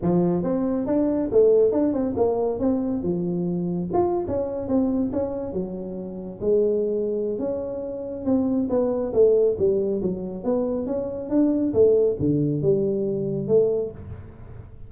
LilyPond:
\new Staff \with { instrumentName = "tuba" } { \time 4/4 \tempo 4 = 138 f4 c'4 d'4 a4 | d'8 c'8 ais4 c'4 f4~ | f4 f'8. cis'4 c'4 cis'16~ | cis'8. fis2 gis4~ gis16~ |
gis4 cis'2 c'4 | b4 a4 g4 fis4 | b4 cis'4 d'4 a4 | d4 g2 a4 | }